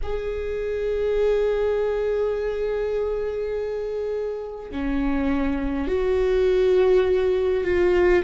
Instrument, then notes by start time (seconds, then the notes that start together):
viola
0.02 G#4
4.71 C#4
5.87 F#4
7.64 F4